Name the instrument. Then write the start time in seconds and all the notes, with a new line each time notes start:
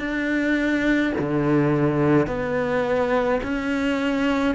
cello
0.00 D4
1.19 D3
2.27 B3
3.43 C#4